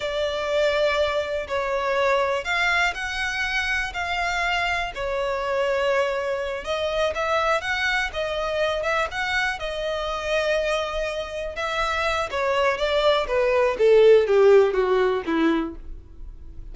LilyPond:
\new Staff \with { instrumentName = "violin" } { \time 4/4 \tempo 4 = 122 d''2. cis''4~ | cis''4 f''4 fis''2 | f''2 cis''2~ | cis''4. dis''4 e''4 fis''8~ |
fis''8 dis''4. e''8 fis''4 dis''8~ | dis''2.~ dis''8 e''8~ | e''4 cis''4 d''4 b'4 | a'4 g'4 fis'4 e'4 | }